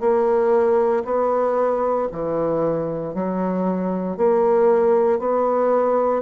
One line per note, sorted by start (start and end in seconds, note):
0.00 1.03 A#3
1.05 2.08 B3
2.12 3.14 E3
3.14 4.17 F#3
4.17 5.19 A#3
5.19 6.22 B3